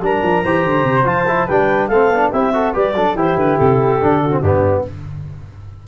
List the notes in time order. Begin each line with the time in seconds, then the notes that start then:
0.00 G3 D4 A#4 A#5
0.22 F3
0.44 E3 G4 C5
0.64 D3
0.84 C3
1.04 F3 F4 A5
1.27 E4
1.45 G3 D4 B4 G5
1.87 A3 C4 A4 F5
2.09 B3 D4
2.30 C4 E4 G4 E5
2.53 F#4 A4
2.73 G3 G4 B4 D5
2.94 F#3 D4 A4
3.14 E3 E4 G4 C5
3.36 D3 B4
3.57 C3 A4
4.01 D3 D4
4.21 F#4
4.31 C4
4.40 G2 B3 D4 G4